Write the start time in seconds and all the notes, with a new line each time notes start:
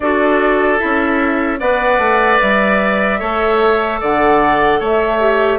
0.00 D4 F#4 A4 D5
0.78 C#4 E4 E5
1.59 B3 B4 D5 F#5
1.98 A3
2.40 G3 E5
3.19 A3 A4 C#5
4.00 D3 D5 F#5
4.79 A3 C#5 E5
5.19 G4